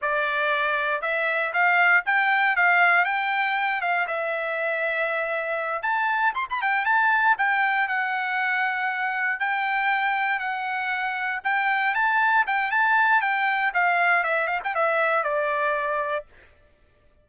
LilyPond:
\new Staff \with { instrumentName = "trumpet" } { \time 4/4 \tempo 4 = 118 d''2 e''4 f''4 | g''4 f''4 g''4. f''8 | e''2.~ e''8 a''8~ | a''8 c'''16 b''16 g''8 a''4 g''4 fis''8~ |
fis''2~ fis''8 g''4.~ | g''8 fis''2 g''4 a''8~ | a''8 g''8 a''4 g''4 f''4 | e''8 f''16 g''16 e''4 d''2 | }